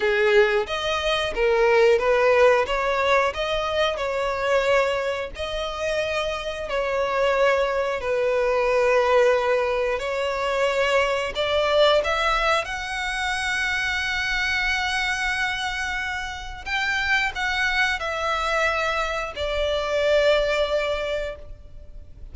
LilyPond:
\new Staff \with { instrumentName = "violin" } { \time 4/4 \tempo 4 = 90 gis'4 dis''4 ais'4 b'4 | cis''4 dis''4 cis''2 | dis''2 cis''2 | b'2. cis''4~ |
cis''4 d''4 e''4 fis''4~ | fis''1~ | fis''4 g''4 fis''4 e''4~ | e''4 d''2. | }